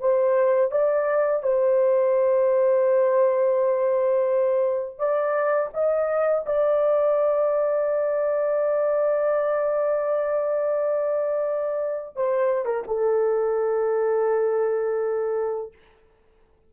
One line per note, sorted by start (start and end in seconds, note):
0.00 0.71 C5
0.71 1.43 D5
1.43 4.98 C5
4.98 5.70 D5
5.74 6.45 D#5
6.46 12.16 D5
12.16 12.65 C5
12.65 12.83 A#4
12.87 15.73 A4